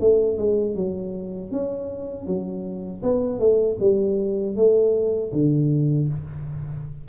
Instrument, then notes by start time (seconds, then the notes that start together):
tuba
0.00 A3
0.38 G#3
0.75 F#3
1.51 C#4
2.26 F#3
3.03 B3
3.39 A3
3.80 G3
4.56 A3
5.33 D3